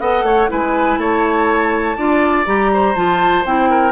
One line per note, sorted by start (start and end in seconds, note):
0.00 0.23 B3
0.00 0.49 A4
0.00 0.25 D#5
0.00 0.50 F#5
0.23 0.48 A3
0.23 0.50 C#5
0.49 0.98 G#3
0.49 1.96 E4
0.49 1.00 B4
0.49 0.99 G#5
0.98 1.96 A3
0.98 1.98 C#5
0.98 2.47 A5
1.98 2.47 D4
1.98 2.46 F4
1.98 2.71 D5
2.46 2.96 G3
2.46 2.95 G4
2.46 2.96 A#5
2.74 3.70 C5
2.96 3.45 F3
2.96 3.45 F4
2.96 3.45 A5
3.45 3.93 C4
3.45 3.93 E4
3.45 3.93 G5
3.70 3.93 A#4